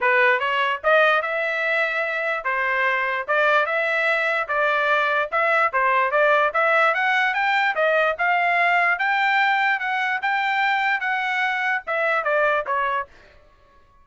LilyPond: \new Staff \with { instrumentName = "trumpet" } { \time 4/4 \tempo 4 = 147 b'4 cis''4 dis''4 e''4~ | e''2 c''2 | d''4 e''2 d''4~ | d''4 e''4 c''4 d''4 |
e''4 fis''4 g''4 dis''4 | f''2 g''2 | fis''4 g''2 fis''4~ | fis''4 e''4 d''4 cis''4 | }